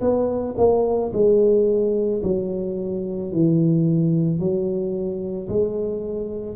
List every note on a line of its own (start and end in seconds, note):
0.00 0.55 B3
0.57 1.12 A#3
1.13 2.22 G#3
2.23 3.32 F#3
3.32 4.39 E3
4.39 5.48 F#3
5.48 6.56 G#3